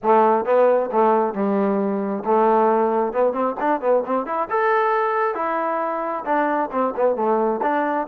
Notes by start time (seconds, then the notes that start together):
0.02 A3
0.45 B3
0.91 A3
1.34 G3
2.24 A3
3.12 B3
3.33 C4
3.60 D4
3.80 B3
4.05 C4
4.26 E4
4.50 A4
5.34 E4
6.25 D4
6.71 C4
6.96 B3
7.15 A3
7.62 D4